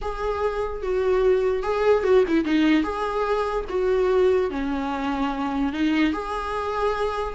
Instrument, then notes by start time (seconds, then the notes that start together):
viola
0.01 G#4
0.82 F#4
1.62 G#4
2.03 F#4
2.28 E4
2.44 D#4
2.83 G#4
3.69 F#4
4.50 C#4
5.73 D#4
6.12 G#4